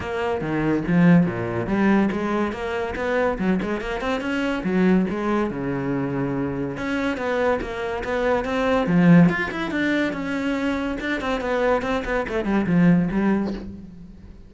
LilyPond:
\new Staff \with { instrumentName = "cello" } { \time 4/4 \tempo 4 = 142 ais4 dis4 f4 ais,4 | g4 gis4 ais4 b4 | fis8 gis8 ais8 c'8 cis'4 fis4 | gis4 cis2. |
cis'4 b4 ais4 b4 | c'4 f4 f'8 e'8 d'4 | cis'2 d'8 c'8 b4 | c'8 b8 a8 g8 f4 g4 | }